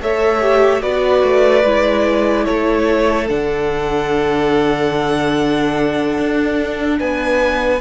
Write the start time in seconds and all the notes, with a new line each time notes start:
0.00 A3 A4 C#5 E5
0.40 G4
0.79 B3 F#4 B4 D5
1.23 A3
1.64 G#3 E4
2.45 A3 A4 C#5
3.28 D3 D4 F#5
6.18 D4
6.99 B3 B4 G#5